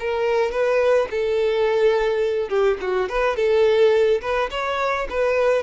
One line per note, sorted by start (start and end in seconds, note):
0.00 0.51 A#4
0.51 1.08 B4
1.10 2.49 A4
2.49 2.77 G4
2.81 3.09 F#4
3.09 3.36 B4
3.36 4.21 A4
4.21 4.49 B4
4.51 5.07 C#5
5.09 5.63 B4